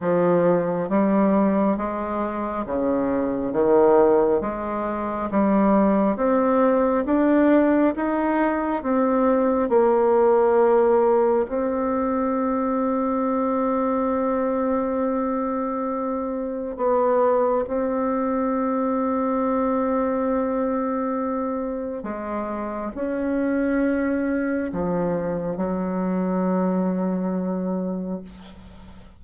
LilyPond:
\new Staff \with { instrumentName = "bassoon" } { \time 4/4 \tempo 4 = 68 f4 g4 gis4 cis4 | dis4 gis4 g4 c'4 | d'4 dis'4 c'4 ais4~ | ais4 c'2.~ |
c'2. b4 | c'1~ | c'4 gis4 cis'2 | f4 fis2. | }